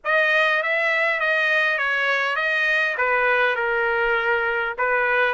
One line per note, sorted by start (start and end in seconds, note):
0.04 0.62 D#5
0.62 1.20 E5
1.20 1.77 D#5
1.77 2.36 C#5
2.36 2.95 D#5
2.97 3.55 B4
3.55 4.74 A#4
4.78 5.34 B4